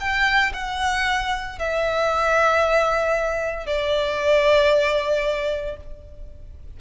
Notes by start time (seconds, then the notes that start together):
0.00 G5
0.54 F#5
1.59 E5
3.67 D5